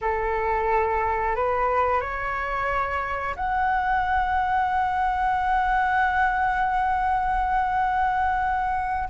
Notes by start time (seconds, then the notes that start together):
0.01 A4
1.35 B4
2.00 C#5
3.36 F#5